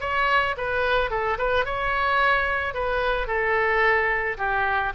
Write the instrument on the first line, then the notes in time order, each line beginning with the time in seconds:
oboe
0.00 C#5
0.57 B4
1.10 A4
1.38 B4
1.65 C#5
2.73 B4
3.27 A4
4.37 G4